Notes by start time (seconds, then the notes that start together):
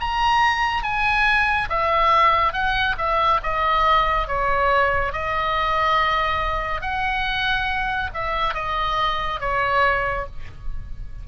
0.00 A#5
0.83 G#5
1.69 E5
2.53 F#5
2.98 E5
3.43 D#5
4.27 C#5
5.12 D#5
6.81 F#5
8.14 E5
8.54 D#5
9.41 C#5